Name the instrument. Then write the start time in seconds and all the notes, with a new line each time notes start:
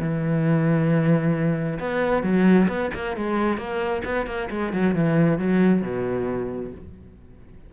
cello
0.00 E3
1.80 B3
2.23 F#3
2.68 B3
2.94 A#3
3.17 G#3
3.58 A#3
4.05 B3
4.27 A#3
4.51 G#3
4.73 F#3
4.95 E3
5.39 F#3
5.82 B2